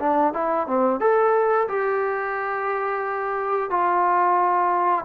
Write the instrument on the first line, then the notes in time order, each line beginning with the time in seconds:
trombone
0.00 D4
0.34 E4
0.67 C4
1.01 A4
1.69 G4
3.70 F4